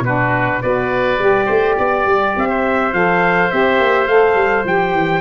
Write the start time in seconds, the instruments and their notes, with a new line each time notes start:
0.00 tuba B2, saxophone D4, oboe F#4, trumpet B4
0.62 tuba B3, saxophone F#4, oboe B4, trumpet D5
1.19 tuba G3, saxophone G4
1.46 tuba A3, oboe C5
1.78 tuba B3, oboe D5
2.06 tuba G3
2.37 tuba C4, trumpet E5
2.49 oboe C5
2.93 tuba F3, saxophone A4, trumpet F5
3.50 tuba C4, saxophone G4, trumpet E5
3.79 tuba A#3
4.07 tuba A3, saxophone A4, trumpet F5
4.35 tuba G3
4.65 tuba F3, saxophone G4, trumpet G5
4.93 tuba E3